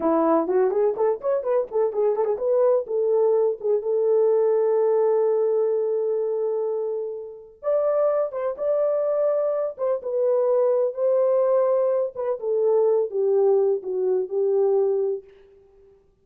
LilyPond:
\new Staff \with { instrumentName = "horn" } { \time 4/4 \tempo 4 = 126 e'4 fis'8 gis'8 a'8 cis''8 b'8 a'8 | gis'8 a'16 gis'16 b'4 a'4. gis'8 | a'1~ | a'1 |
d''4. c''8 d''2~ | d''8 c''8 b'2 c''4~ | c''4. b'8 a'4. g'8~ | g'4 fis'4 g'2 | }